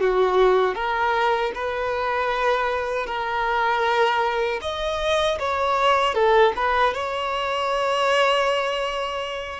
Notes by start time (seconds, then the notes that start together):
0.00 F#4
0.75 A#4
1.55 B4
3.06 A#4
4.62 D#5
5.39 C#5
6.14 A4
6.56 B4
6.94 C#5